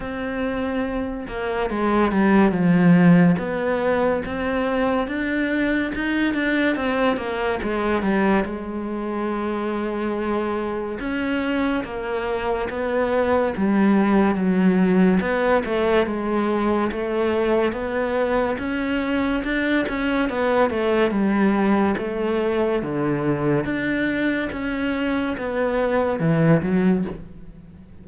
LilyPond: \new Staff \with { instrumentName = "cello" } { \time 4/4 \tempo 4 = 71 c'4. ais8 gis8 g8 f4 | b4 c'4 d'4 dis'8 d'8 | c'8 ais8 gis8 g8 gis2~ | gis4 cis'4 ais4 b4 |
g4 fis4 b8 a8 gis4 | a4 b4 cis'4 d'8 cis'8 | b8 a8 g4 a4 d4 | d'4 cis'4 b4 e8 fis8 | }